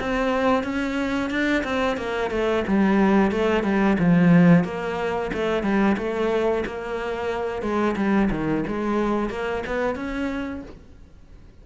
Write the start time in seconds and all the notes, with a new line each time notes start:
0.00 C4
0.63 C#4
1.30 D4
1.64 C4
1.97 A#3
2.31 A3
2.68 G3
3.32 A3
3.64 G3
3.99 F3
4.64 A#3
5.33 A3
5.63 G3
5.98 A3
6.66 A#3
7.62 G#3
7.96 G3
8.31 D#3
8.68 G#3
9.30 A#3
9.67 B3
9.96 C#4